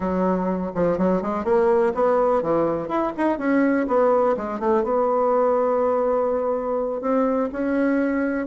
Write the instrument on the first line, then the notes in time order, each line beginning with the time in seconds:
bassoon
0.00 F#3
0.74 F3
0.98 F#3
1.22 G#3
1.44 A#3
1.94 B3
2.42 E3
2.88 E4
3.17 D#4
3.38 C#4
3.87 B3
4.36 G#3
4.59 A3
4.83 B3
7.01 C4
7.52 C#4